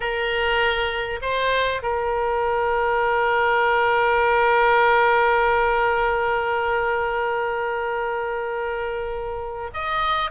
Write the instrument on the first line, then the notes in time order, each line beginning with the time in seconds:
oboe
0.00 A#4
1.21 C5
1.82 A#4
9.73 D#5